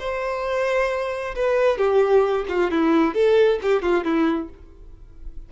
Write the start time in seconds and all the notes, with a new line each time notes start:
0.00 C5
1.36 B4
1.78 G4
2.49 F4
2.71 E4
3.15 A4
3.62 G4
3.83 F4
4.04 E4